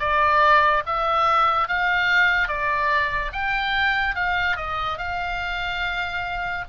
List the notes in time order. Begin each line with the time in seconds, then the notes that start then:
0.00 D5
0.86 E5
1.68 F5
2.48 D5
3.33 G5
4.16 F5
4.57 D#5
4.98 F5